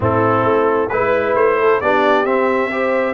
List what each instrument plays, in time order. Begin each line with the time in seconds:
0.00 tuba A2, trombone C4, horn E4, trumpet A4
0.43 tuba A3
0.88 tuba G#3, trombone E4, trumpet B4, horn B4
1.35 tuba A3, trumpet C5
1.59 horn A4
1.80 tuba B3, trombone D4, horn G4, trumpet D5
2.25 tuba C4, trombone C4, trumpet E5
2.71 trombone G4, horn C5